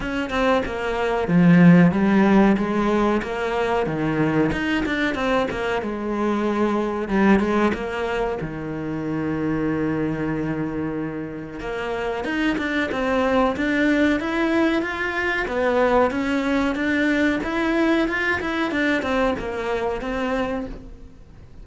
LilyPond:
\new Staff \with { instrumentName = "cello" } { \time 4/4 \tempo 4 = 93 cis'8 c'8 ais4 f4 g4 | gis4 ais4 dis4 dis'8 d'8 | c'8 ais8 gis2 g8 gis8 | ais4 dis2.~ |
dis2 ais4 dis'8 d'8 | c'4 d'4 e'4 f'4 | b4 cis'4 d'4 e'4 | f'8 e'8 d'8 c'8 ais4 c'4 | }